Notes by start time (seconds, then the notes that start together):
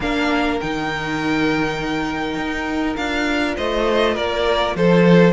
0.00 A#3 D4 A#4 F5
0.60 D#3 D#4 G5
2.36 D#4
2.96 D4 F4 F5
3.56 A3 C5 D#5
4.14 A#3 A#4 D5
4.75 F3 A4 C5